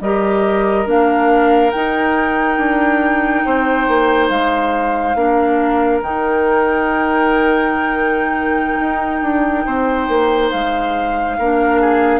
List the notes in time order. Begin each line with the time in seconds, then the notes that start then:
0.00 G3 G4 A#4 D#5
0.85 A#3 D4 F5
1.71 D#4 G5
2.57 D4
3.45 C4 C5
3.87 A#3
4.29 G#3 F5
5.15 A#3 D4 A#4
6.01 D#3 D#4 G5
8.80 D#4
9.22 D4
9.65 C4 C5
10.08 A#3
10.51 G#3 F5
11.38 A#3 D4 A#4
11.81 G#4